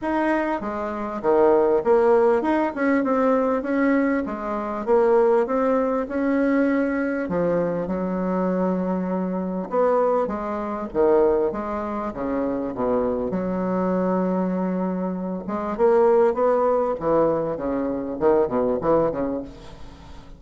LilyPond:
\new Staff \with { instrumentName = "bassoon" } { \time 4/4 \tempo 4 = 99 dis'4 gis4 dis4 ais4 | dis'8 cis'8 c'4 cis'4 gis4 | ais4 c'4 cis'2 | f4 fis2. |
b4 gis4 dis4 gis4 | cis4 b,4 fis2~ | fis4. gis8 ais4 b4 | e4 cis4 dis8 b,8 e8 cis8 | }